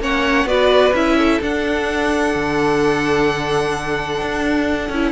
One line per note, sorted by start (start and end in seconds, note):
0.00 0.45 A#3
0.00 0.47 C#4
0.00 0.48 C#5
0.00 0.48 F#5
0.45 0.92 B3
0.45 0.93 F#4
0.45 1.18 B4
0.45 0.95 D5
0.94 1.40 C#4
0.94 1.42 E4
0.94 1.42 E5
1.18 5.12 A4
1.41 2.34 D4
1.41 4.92 D4
1.41 5.12 F#5
2.35 4.21 D3
4.21 4.90 D4
4.90 5.12 C#4
4.90 5.12 E4